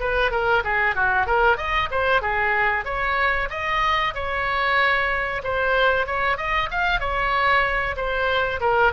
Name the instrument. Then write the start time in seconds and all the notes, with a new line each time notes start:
oboe
0.00 B4
0.31 A#4
0.64 G#4
0.95 F#4
1.26 A#4
1.57 D#5
1.91 C5
2.21 G#4
2.85 C#5
3.50 D#5
4.14 C#5
5.43 C5
6.06 C#5
6.37 D#5
6.71 F5
7.00 C#5
7.96 C5
8.60 A#4